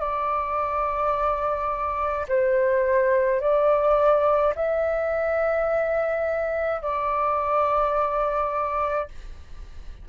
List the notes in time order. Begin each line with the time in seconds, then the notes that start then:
0.00 D5
2.28 C5
3.41 D5
4.55 E5
6.82 D5